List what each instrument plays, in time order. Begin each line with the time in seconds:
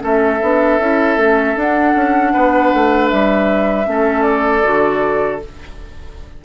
0.00 bassoon A3, clarinet C#4, oboe A4, flute E5
0.42 bassoon B3, clarinet D4
0.79 bassoon C#4, clarinet E4
1.17 bassoon A3, clarinet C#4
1.55 bassoon D4, clarinet D4, flute F#5
1.95 bassoon C#4
2.33 bassoon B3, oboe B4
2.73 bassoon A3
3.08 bassoon G3, flute E5
3.85 bassoon A3, clarinet C#4, oboe A4
4.22 flute D5
4.62 bassoon D3, clarinet F#4